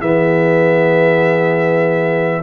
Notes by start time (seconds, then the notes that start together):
0.00 E3 B3 G#4 E5